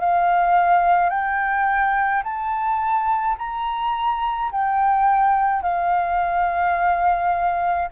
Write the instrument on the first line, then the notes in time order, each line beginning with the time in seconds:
flute
0.00 F5
1.10 G5
2.24 A5
3.38 A#5
4.51 G5
5.62 F5